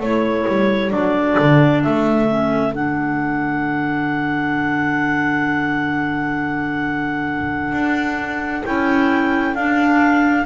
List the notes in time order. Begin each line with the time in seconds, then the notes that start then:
0.00 A3 E4 A4 C#5
0.48 G3
0.91 F#3 D4 D5
1.40 D3
1.83 A3 E5
2.29 C#4
2.72 D3 D4 F#5
7.72 D4
8.65 C#4 E4 G5
9.55 D4 F5